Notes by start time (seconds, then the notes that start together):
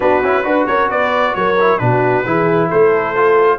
0.00 B3 D4 F#4 B4
0.22 C#4 E4
0.43 D4 F#4 B4
0.66 C#4 A#4 C#5
0.89 B3 B4 D5
1.34 F#3 A#4 C#5
1.59 E4
1.78 B2 D4 F#4 B4
2.25 E3 E4 G#4
2.68 A3 A4 C5
3.15 F4